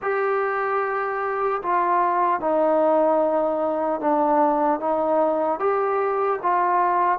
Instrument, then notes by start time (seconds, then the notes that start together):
trombone
0.02 G4
1.62 F4
2.40 D#4
4.00 D4
4.80 D#4
5.59 G4
6.42 F4